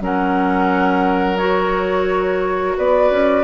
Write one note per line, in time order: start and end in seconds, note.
0.00 2.76 F#3
0.00 1.38 C#4
0.00 2.77 A#4
0.00 1.37 F#5
1.37 3.43 F#4
1.37 2.75 C#5
2.77 3.10 B3
2.77 3.43 B4
2.77 3.43 D5
3.10 3.43 C#4